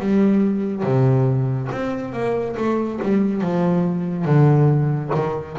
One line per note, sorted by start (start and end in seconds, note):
0.00 0.83 G3
0.83 1.69 C3
1.72 2.13 C4
2.13 2.56 A#3
2.57 3.00 A3
3.02 3.41 G3
3.41 4.25 F3
4.25 5.10 D3
5.14 5.57 D#3